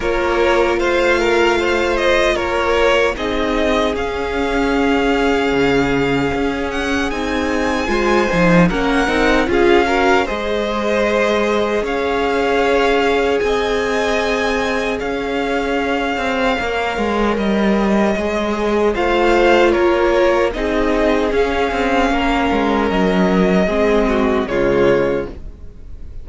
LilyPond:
<<
  \new Staff \with { instrumentName = "violin" } { \time 4/4 \tempo 4 = 76 cis''4 f''4. dis''8 cis''4 | dis''4 f''2.~ | f''8 fis''8 gis''2 fis''4 | f''4 dis''2 f''4~ |
f''4 gis''2 f''4~ | f''2 dis''2 | f''4 cis''4 dis''4 f''4~ | f''4 dis''2 cis''4 | }
  \new Staff \with { instrumentName = "violin" } { \time 4/4 ais'4 c''8 ais'8 c''4 ais'4 | gis'1~ | gis'2 c''4 ais'4 | gis'8 ais'8 c''2 cis''4~ |
cis''4 dis''2 cis''4~ | cis''1 | c''4 ais'4 gis'2 | ais'2 gis'8 fis'8 f'4 | }
  \new Staff \with { instrumentName = "viola" } { \time 4/4 f'1 | dis'4 cis'2.~ | cis'4 dis'4 f'8 dis'8 cis'8 dis'8 | f'8 fis'8 gis'2.~ |
gis'1~ | gis'4 ais'2 gis'4 | f'2 dis'4 cis'4~ | cis'2 c'4 gis4 | }
  \new Staff \with { instrumentName = "cello" } { \time 4/4 ais4 a2 ais4 | c'4 cis'2 cis4 | cis'4 c'4 gis8 f8 ais8 c'8 | cis'4 gis2 cis'4~ |
cis'4 c'2 cis'4~ | cis'8 c'8 ais8 gis8 g4 gis4 | a4 ais4 c'4 cis'8 c'8 | ais8 gis8 fis4 gis4 cis4 | }
>>